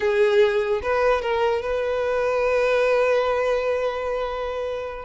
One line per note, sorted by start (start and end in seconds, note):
0.00 0.81 G#4
0.82 1.21 B4
1.21 1.62 A#4
1.62 5.05 B4